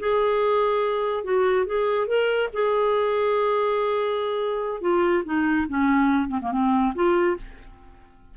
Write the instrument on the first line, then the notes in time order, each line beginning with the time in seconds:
clarinet
0.00 G#4
1.24 F#4
1.66 G#4
2.07 A#4
2.54 G#4
4.82 F4
5.25 D#4
5.69 C#4
6.29 C4
6.42 A#3
6.52 C4
6.95 F4